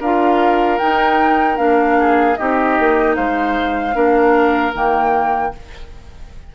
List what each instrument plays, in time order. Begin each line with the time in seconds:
0.00 bassoon D4, clarinet F4, oboe A#4, flute F5
0.79 clarinet D#4, bassoon D#4, flute G5
1.57 bassoon A#3, clarinet D4, flute F5
2.00 oboe G#4
2.37 bassoon C4, clarinet D#4, oboe G4, flute D#5
2.79 bassoon A#3
3.16 bassoon G#3, oboe C5, flute F5
3.94 bassoon A#3, clarinet D4, oboe A#4
4.74 bassoon D#3, clarinet A#3, flute G5